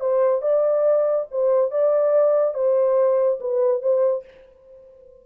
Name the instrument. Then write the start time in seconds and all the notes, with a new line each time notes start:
horn
0.00 C5
0.42 D5
1.31 C5
1.71 D5
2.54 C5
3.40 B4
3.82 C5